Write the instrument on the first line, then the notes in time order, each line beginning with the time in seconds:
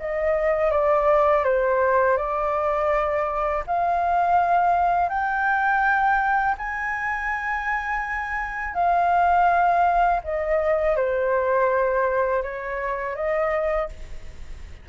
flute
0.00 D#5
0.71 D5
1.45 C5
2.18 D5
3.67 F5
5.09 G5
6.58 G#5
8.75 F5
10.24 D#5
10.97 C5
12.43 C#5
13.16 D#5